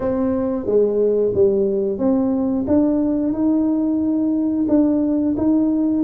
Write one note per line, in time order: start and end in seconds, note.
0.00 0.65 C4
0.65 1.32 G#3
1.34 1.98 G3
1.98 2.65 C4
2.67 3.32 D4
3.32 4.66 D#4
4.68 5.35 D4
5.37 6.03 D#4